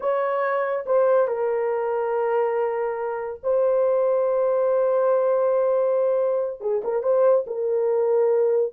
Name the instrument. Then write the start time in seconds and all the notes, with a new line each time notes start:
horn
0.00 C#5
0.86 C5
1.27 A#4
3.43 C5
6.60 G#4
6.84 A#4
7.02 C5
7.46 A#4